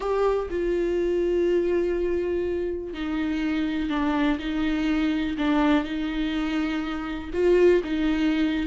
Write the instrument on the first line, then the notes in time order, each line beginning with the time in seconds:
viola
0.00 G4
0.49 F4
2.93 D#4
3.89 D4
4.38 D#4
5.37 D4
5.84 D#4
7.33 F4
7.84 D#4